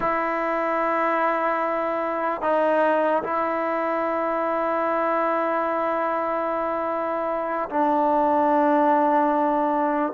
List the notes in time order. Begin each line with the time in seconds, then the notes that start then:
0.00 E4
2.41 D#4
3.23 E4
7.69 D4